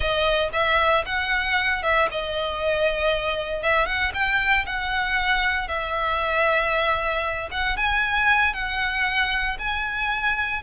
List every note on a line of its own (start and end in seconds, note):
0.00 0.49 D#5
0.53 1.04 E5
1.05 1.82 F#5
1.82 2.08 E5
2.11 3.62 D#5
3.62 3.86 E5
3.86 4.11 F#5
4.14 4.65 G5
4.66 5.68 F#5
5.68 7.49 E5
7.51 7.76 F#5
7.76 8.53 G#5
8.53 9.57 F#5
9.58 10.62 G#5